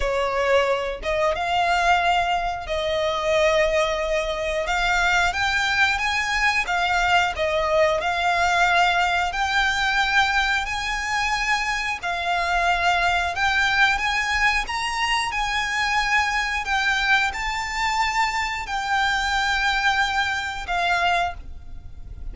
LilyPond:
\new Staff \with { instrumentName = "violin" } { \time 4/4 \tempo 4 = 90 cis''4. dis''8 f''2 | dis''2. f''4 | g''4 gis''4 f''4 dis''4 | f''2 g''2 |
gis''2 f''2 | g''4 gis''4 ais''4 gis''4~ | gis''4 g''4 a''2 | g''2. f''4 | }